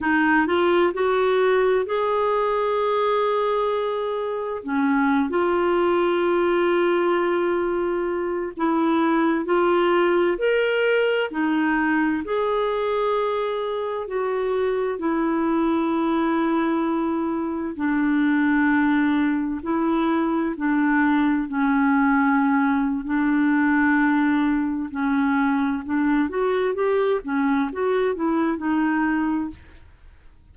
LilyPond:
\new Staff \with { instrumentName = "clarinet" } { \time 4/4 \tempo 4 = 65 dis'8 f'8 fis'4 gis'2~ | gis'4 cis'8. f'2~ f'16~ | f'4~ f'16 e'4 f'4 ais'8.~ | ais'16 dis'4 gis'2 fis'8.~ |
fis'16 e'2. d'8.~ | d'4~ d'16 e'4 d'4 cis'8.~ | cis'4 d'2 cis'4 | d'8 fis'8 g'8 cis'8 fis'8 e'8 dis'4 | }